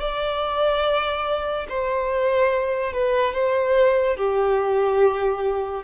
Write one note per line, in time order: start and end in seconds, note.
0.00 1.67 D5
1.69 2.93 C5
2.93 3.34 B4
3.34 4.17 C5
4.17 5.83 G4